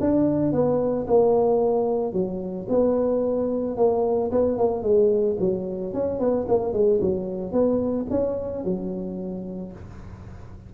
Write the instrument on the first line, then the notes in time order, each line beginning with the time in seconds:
tuba
0.00 D4
0.52 B3
1.07 A#3
2.13 F#3
2.68 B3
3.77 A#3
4.31 B3
4.57 A#3
4.83 G#3
5.39 F#3
5.93 C#4
6.19 B3
6.48 A#3
6.73 G#3
7.01 F#3
7.52 B3
8.10 C#4
8.64 F#3